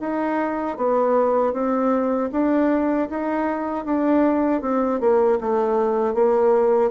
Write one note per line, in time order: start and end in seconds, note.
0.00 0.77 D#4
0.77 1.53 B3
1.53 2.30 C4
2.32 3.09 D4
3.10 3.85 D#4
3.85 4.62 D4
4.62 5.00 C4
5.00 5.39 A#3
5.41 6.14 A3
6.14 6.91 A#3